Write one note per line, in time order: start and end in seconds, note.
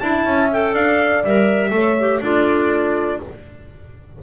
0.00 0.25 D4
0.00 0.49 E4
0.00 0.73 E5
0.00 0.49 A5
0.25 0.73 C#4
0.51 1.25 A4
0.51 0.75 G5
0.73 1.23 D4
0.73 1.71 D5
0.73 1.24 F5
1.24 1.70 G3
1.24 1.71 A#4
1.24 2.23 E5
1.70 2.19 A3
1.70 1.96 A4
1.70 2.23 C#5
1.99 2.22 G4
2.21 3.19 D4
2.21 3.21 F4
2.21 3.21 A4
2.21 3.22 D5